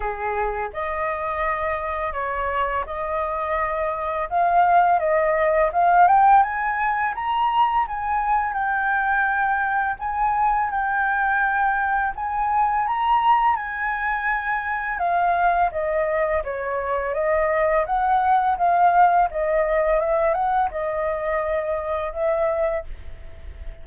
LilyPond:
\new Staff \with { instrumentName = "flute" } { \time 4/4 \tempo 4 = 84 gis'4 dis''2 cis''4 | dis''2 f''4 dis''4 | f''8 g''8 gis''4 ais''4 gis''4 | g''2 gis''4 g''4~ |
g''4 gis''4 ais''4 gis''4~ | gis''4 f''4 dis''4 cis''4 | dis''4 fis''4 f''4 dis''4 | e''8 fis''8 dis''2 e''4 | }